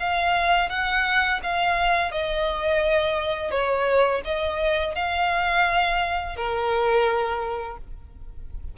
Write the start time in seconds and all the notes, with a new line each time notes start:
0.00 F5
0.70 F#5
1.43 F5
2.11 D#5
3.51 C#5
4.25 D#5
4.95 F5
6.37 A#4